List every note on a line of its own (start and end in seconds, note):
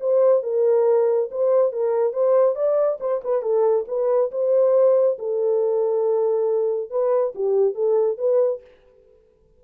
0.00 0.43 C5
0.43 1.29 A#4
1.30 1.72 C5
1.72 2.13 A#4
2.13 2.55 C5
2.55 2.98 D5
3.00 3.21 C5
3.24 3.42 B4
3.42 3.85 A4
3.88 4.31 B4
4.31 5.17 C5
5.18 6.90 A4
6.90 7.33 B4
7.35 7.74 G4
7.74 8.17 A4
8.18 8.61 B4